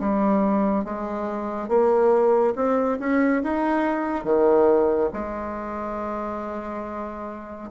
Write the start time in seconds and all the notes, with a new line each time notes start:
0.00 G3
0.85 G#3
1.69 A#3
2.56 C4
3.00 C#4
3.44 D#4
4.25 D#3
5.14 G#3